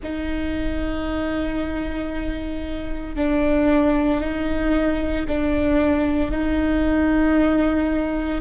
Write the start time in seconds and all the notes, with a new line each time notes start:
0.02 D#4
3.15 D4
4.20 D#4
5.27 D4
6.31 D#4